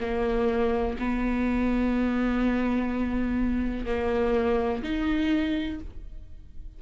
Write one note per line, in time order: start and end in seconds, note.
0.00 0.97 A#3
0.99 3.86 B3
3.86 4.83 A#3
4.83 5.80 D#4